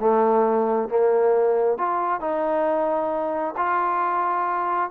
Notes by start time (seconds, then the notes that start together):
0.00 A3
0.89 A#3
1.78 F4
2.20 D#4
3.57 F4